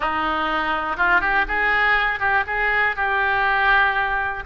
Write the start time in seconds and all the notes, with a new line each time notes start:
0.00 D#4
0.96 F4
1.20 G4
1.48 G#4
2.19 G4
2.47 G#4
2.96 G4